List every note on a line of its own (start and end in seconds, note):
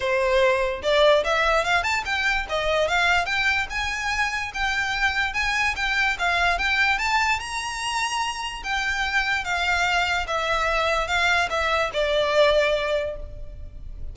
0.00 0.81 C5
0.82 1.23 D5
1.23 1.64 E5
1.64 1.83 F5
1.83 2.03 A5
2.05 2.46 G5
2.49 2.88 D#5
2.88 3.25 F5
3.25 3.66 G5
3.70 4.52 G#5
4.53 5.33 G5
5.33 5.74 G#5
5.76 6.17 G5
6.18 6.58 F5
6.58 6.98 G5
6.98 7.39 A5
7.39 8.62 A#5
8.63 9.44 G5
9.44 10.26 F5
10.27 11.07 E5
11.07 11.48 F5
11.50 11.91 E5
11.93 13.16 D5